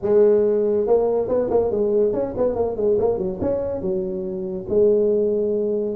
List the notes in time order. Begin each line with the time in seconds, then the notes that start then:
0.02 G#3
0.86 A#3
1.28 B3
1.50 A#3
1.70 G#3
2.13 C#4
2.37 B3
2.55 A#3
2.76 G#3
2.99 A#3
3.18 F#3
3.41 C#4
3.81 F#3
4.69 G#3